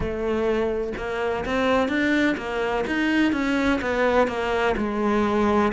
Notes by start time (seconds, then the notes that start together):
0.00 A3
0.97 A#3
1.45 C4
1.88 D4
2.37 A#3
2.86 D#4
3.32 C#4
3.81 B3
4.27 A#3
4.77 G#3